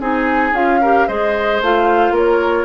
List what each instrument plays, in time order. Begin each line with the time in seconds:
0.00 bassoon C4, clarinet D#4, oboe G#4, flute G#5
0.52 bassoon C#4, clarinet F4, flute F5
0.81 clarinet G4, oboe A#4
1.08 bassoon G#3, clarinet G#4, oboe C5, flute D#5
1.61 bassoon A3, clarinet F4, flute F5
2.11 bassoon A#3, oboe A#4, flute C#5